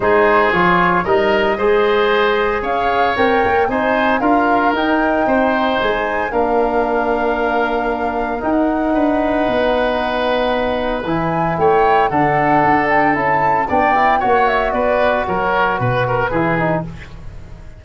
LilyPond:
<<
  \new Staff \with { instrumentName = "flute" } { \time 4/4 \tempo 4 = 114 c''4 cis''4 dis''2~ | dis''4 f''4 g''4 gis''4 | f''4 g''2 gis''4 | f''1 |
g''16 fis''2.~ fis''8.~ | fis''4 gis''4 g''4 fis''4~ | fis''8 g''8 a''4 g''4 fis''8 e''8 | d''4 cis''4 b'2 | }
  \new Staff \with { instrumentName = "oboe" } { \time 4/4 gis'2 ais'4 c''4~ | c''4 cis''2 c''4 | ais'2 c''2 | ais'1~ |
ais'4 b'2.~ | b'2 cis''4 a'4~ | a'2 d''4 cis''4 | b'4 ais'4 b'8 ais'8 gis'4 | }
  \new Staff \with { instrumentName = "trombone" } { \time 4/4 dis'4 f'4 dis'4 gis'4~ | gis'2 ais'4 dis'4 | f'4 dis'2. | d'1 |
dis'1~ | dis'4 e'2 d'4~ | d'4 e'4 d'8 e'8 fis'4~ | fis'2. e'8 dis'8 | }
  \new Staff \with { instrumentName = "tuba" } { \time 4/4 gis4 f4 g4 gis4~ | gis4 cis'4 c'8 ais8 c'4 | d'4 dis'4 c'4 gis4 | ais1 |
dis'4 d'4 b2~ | b4 e4 a4 d4 | d'4 cis'4 b4 ais4 | b4 fis4 b,4 e4 | }
>>